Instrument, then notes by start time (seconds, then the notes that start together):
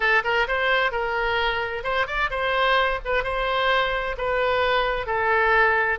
oboe
0.00 A4
0.24 A#4
0.47 C5
0.91 A#4
1.83 C5
2.06 D5
2.30 C5
3.04 B4
3.23 C5
4.17 B4
5.06 A4